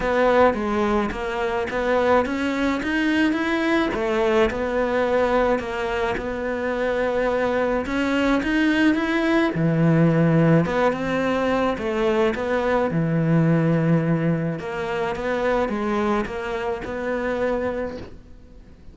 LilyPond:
\new Staff \with { instrumentName = "cello" } { \time 4/4 \tempo 4 = 107 b4 gis4 ais4 b4 | cis'4 dis'4 e'4 a4 | b2 ais4 b4~ | b2 cis'4 dis'4 |
e'4 e2 b8 c'8~ | c'4 a4 b4 e4~ | e2 ais4 b4 | gis4 ais4 b2 | }